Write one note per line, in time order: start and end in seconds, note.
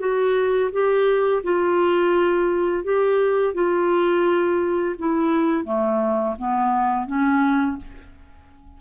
0.00 0.71 F#4
0.73 1.43 G4
1.44 2.85 F4
2.85 3.55 G4
3.55 4.96 F4
4.99 5.65 E4
5.65 6.36 A3
6.39 7.07 B3
7.07 7.78 C#4